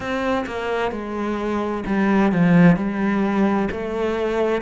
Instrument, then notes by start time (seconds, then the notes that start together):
cello
0.00 C4
0.46 A#3
0.91 G#3
1.86 G3
2.32 F3
2.76 G3
3.71 A3